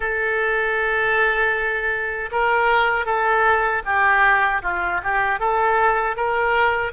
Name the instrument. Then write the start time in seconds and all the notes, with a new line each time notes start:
oboe
0.00 A4
2.31 A#4
3.05 A4
3.85 G4
4.62 F4
5.03 G4
5.39 A4
6.16 A#4